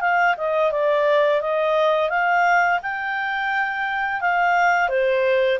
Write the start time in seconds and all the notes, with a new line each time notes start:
0.00 F5
0.37 D#5
0.71 D5
1.41 D#5
2.10 F5
2.82 G5
4.21 F5
4.89 C5